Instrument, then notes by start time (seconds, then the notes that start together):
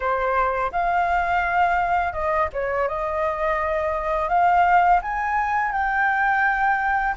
flute
0.00 C5
0.71 F5
2.12 D#5
2.52 C#5
2.88 D#5
4.29 F5
5.02 G#5
5.71 G5